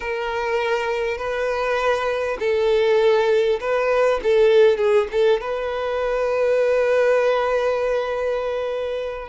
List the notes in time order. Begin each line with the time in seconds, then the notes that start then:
0.00 A#4
1.17 B4
2.39 A4
3.60 B4
4.23 A4
4.77 G#4
5.11 A4
5.40 B4